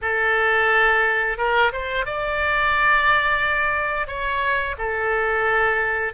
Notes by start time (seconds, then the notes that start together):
0.01 A4
1.37 A#4
1.72 C5
2.05 D5
4.07 C#5
4.78 A4